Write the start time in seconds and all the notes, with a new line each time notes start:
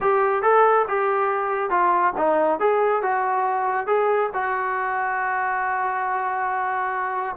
0.01 G4
0.42 A4
0.88 G4
1.70 F4
2.17 D#4
2.59 G#4
3.02 F#4
3.86 G#4
4.33 F#4